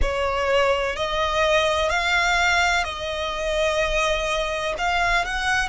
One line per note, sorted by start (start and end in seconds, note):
0.01 0.95 C#5
0.95 1.89 D#5
1.89 2.84 F5
2.84 4.74 D#5
4.78 5.24 F5
5.24 5.68 F#5